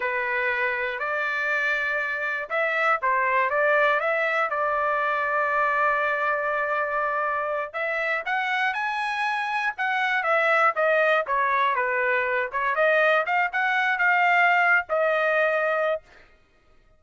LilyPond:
\new Staff \with { instrumentName = "trumpet" } { \time 4/4 \tempo 4 = 120 b'2 d''2~ | d''4 e''4 c''4 d''4 | e''4 d''2.~ | d''2.~ d''8 e''8~ |
e''8 fis''4 gis''2 fis''8~ | fis''8 e''4 dis''4 cis''4 b'8~ | b'4 cis''8 dis''4 f''8 fis''4 | f''4.~ f''16 dis''2~ dis''16 | }